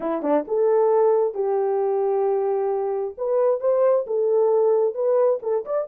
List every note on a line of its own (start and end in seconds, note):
0.00 0.22 E4
0.22 0.44 D4
0.47 1.34 A4
1.34 3.14 G4
3.17 3.60 B4
3.60 4.05 C5
4.06 4.94 A4
4.94 5.39 B4
5.42 5.65 A4
5.65 5.87 D5